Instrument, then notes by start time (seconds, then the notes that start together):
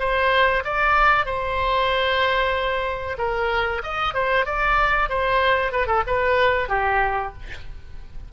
oboe
0.00 C5
0.65 D5
1.26 C5
3.19 A#4
3.84 D#5
4.15 C5
4.46 D5
5.09 C5
5.72 B4
5.88 A4
6.08 B4
6.69 G4